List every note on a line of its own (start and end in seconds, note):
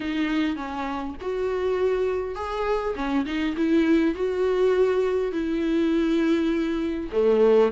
0.00 0.56 D#4
0.56 1.15 C#4
1.21 2.35 F#4
2.35 2.94 G#4
2.95 3.25 C#4
3.25 3.55 D#4
3.56 4.14 E4
4.14 5.32 F#4
5.32 7.10 E4
7.12 7.71 A3